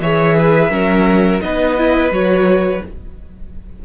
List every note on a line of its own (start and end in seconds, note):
0.00 0.70 E3
0.00 0.71 G#4
0.00 0.37 C#5
0.00 1.41 E5
0.40 0.72 B4
0.70 1.41 F#3
0.70 1.42 C#4
0.70 1.42 A#4
1.41 2.11 B3
1.41 1.77 D#4
1.41 2.85 B4
1.41 2.12 D#5
1.78 2.12 E4
2.11 2.82 F#3
2.11 2.82 F#4
2.11 2.84 C#5